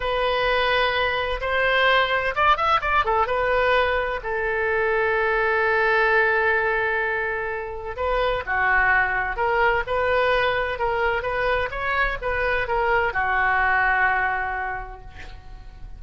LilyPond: \new Staff \with { instrumentName = "oboe" } { \time 4/4 \tempo 4 = 128 b'2. c''4~ | c''4 d''8 e''8 d''8 a'8 b'4~ | b'4 a'2.~ | a'1~ |
a'4 b'4 fis'2 | ais'4 b'2 ais'4 | b'4 cis''4 b'4 ais'4 | fis'1 | }